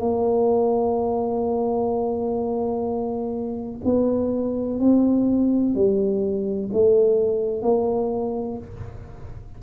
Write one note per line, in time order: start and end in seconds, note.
0.00 3.81 A#3
3.84 4.80 B3
4.80 5.75 C4
5.75 6.70 G3
6.73 7.62 A3
7.62 8.58 A#3